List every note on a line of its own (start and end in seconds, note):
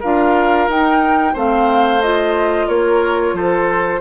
0.00 0.68 D4
0.00 0.70 F4
0.00 1.33 A#4
0.00 0.69 F5
0.68 1.35 D#4
0.68 1.34 D#4
0.68 1.37 G5
1.33 2.68 A3
1.33 2.01 C4
1.33 2.67 C5
1.33 2.02 F5
2.02 4.01 F4
2.02 2.69 D#5
2.68 3.33 A#3
2.68 3.34 A#4
2.68 3.35 C#5
3.33 4.00 F3
3.33 4.01 A4
3.33 4.01 C5